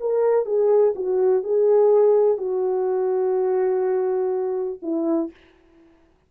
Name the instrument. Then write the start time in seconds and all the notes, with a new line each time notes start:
horn
0.00 A#4
0.45 G#4
0.95 F#4
1.43 G#4
2.37 F#4
4.82 E4